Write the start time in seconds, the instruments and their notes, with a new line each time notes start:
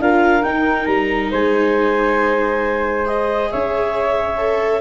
0.00 tuba D4, viola F4, flute A#4, clarinet F5
0.43 viola D#4, tuba D#4, clarinet G5
0.86 tuba G3, clarinet A#5
1.31 tuba G#3, flute C5, clarinet G#5
3.05 viola G#4, clarinet D#5
3.51 tuba C#4, flute C#5, clarinet E5
4.38 viola A4